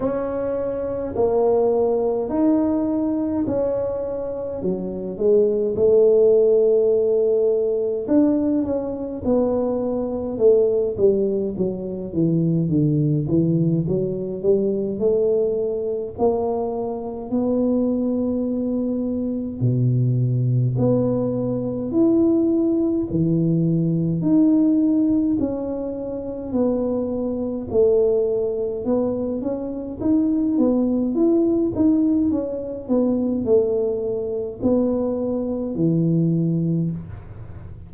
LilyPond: \new Staff \with { instrumentName = "tuba" } { \time 4/4 \tempo 4 = 52 cis'4 ais4 dis'4 cis'4 | fis8 gis8 a2 d'8 cis'8 | b4 a8 g8 fis8 e8 d8 e8 | fis8 g8 a4 ais4 b4~ |
b4 b,4 b4 e'4 | e4 dis'4 cis'4 b4 | a4 b8 cis'8 dis'8 b8 e'8 dis'8 | cis'8 b8 a4 b4 e4 | }